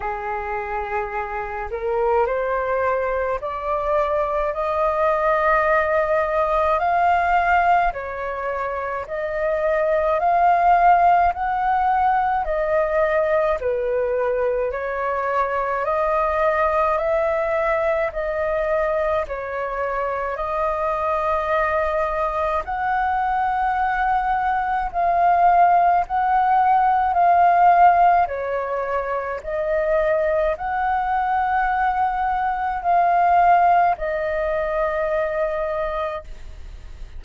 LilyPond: \new Staff \with { instrumentName = "flute" } { \time 4/4 \tempo 4 = 53 gis'4. ais'8 c''4 d''4 | dis''2 f''4 cis''4 | dis''4 f''4 fis''4 dis''4 | b'4 cis''4 dis''4 e''4 |
dis''4 cis''4 dis''2 | fis''2 f''4 fis''4 | f''4 cis''4 dis''4 fis''4~ | fis''4 f''4 dis''2 | }